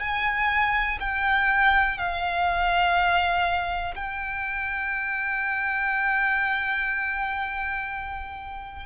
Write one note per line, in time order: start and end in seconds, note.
0.00 0.98 G#5
1.00 1.98 G5
1.98 3.95 F5
3.95 8.86 G5